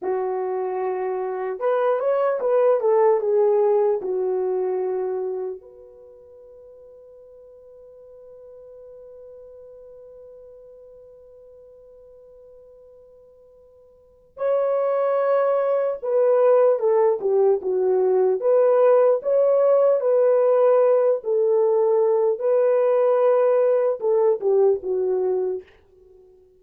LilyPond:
\new Staff \with { instrumentName = "horn" } { \time 4/4 \tempo 4 = 75 fis'2 b'8 cis''8 b'8 a'8 | gis'4 fis'2 b'4~ | b'1~ | b'1~ |
b'2 cis''2 | b'4 a'8 g'8 fis'4 b'4 | cis''4 b'4. a'4. | b'2 a'8 g'8 fis'4 | }